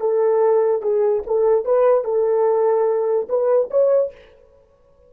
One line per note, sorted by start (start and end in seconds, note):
0.00 0.82 A4
0.82 1.23 G#4
1.26 1.65 A4
1.65 2.04 B4
2.04 3.27 A4
3.29 3.70 B4
3.71 4.12 C#5